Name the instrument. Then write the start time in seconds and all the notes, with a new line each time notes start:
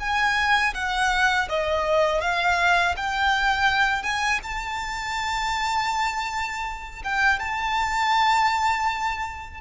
violin
0.00 G#5
0.74 F#5
1.49 D#5
2.21 F5
2.97 G5
4.03 G#5
4.43 A5
7.04 G5
7.40 A5